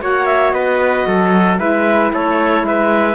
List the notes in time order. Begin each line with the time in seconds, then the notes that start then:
0.00 A#3 F#4 C#5 F#5
0.25 E5
0.52 B3 B4 D#5
1.07 F#3 A4
1.57 G#3 E4 B4 E5
2.13 A3 A4 C#5
2.63 G#3 B4 E5